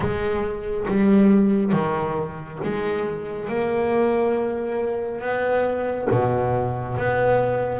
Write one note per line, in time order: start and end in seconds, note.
0.00 0.86 G#3
0.87 1.72 G3
1.72 2.59 D#3
2.63 3.48 G#3
3.48 5.21 A#3
5.21 6.08 B3
6.10 6.97 B2
6.97 7.80 B3